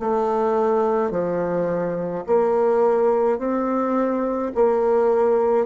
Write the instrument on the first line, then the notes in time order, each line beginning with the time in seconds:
bassoon
0.00 A3
1.12 F3
2.27 A#3
3.39 C4
4.55 A#3